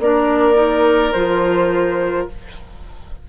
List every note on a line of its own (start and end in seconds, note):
0.00 1.13 A#3
0.00 0.54 D4
0.00 2.30 A#4
0.00 1.13 D5
0.54 1.11 D#4
1.13 2.28 F3
1.13 2.29 F4
1.13 2.26 C5